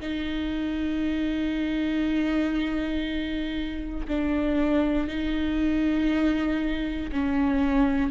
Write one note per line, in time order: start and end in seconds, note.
0.00 4.07 D#4
4.08 5.08 D4
5.08 7.11 D#4
7.12 8.10 C#4